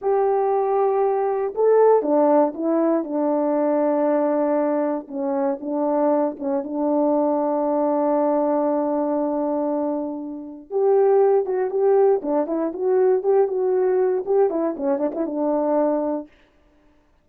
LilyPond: \new Staff \with { instrumentName = "horn" } { \time 4/4 \tempo 4 = 118 g'2. a'4 | d'4 e'4 d'2~ | d'2 cis'4 d'4~ | d'8 cis'8 d'2.~ |
d'1~ | d'4 g'4. fis'8 g'4 | d'8 e'8 fis'4 g'8 fis'4. | g'8 e'8 cis'8 d'16 e'16 d'2 | }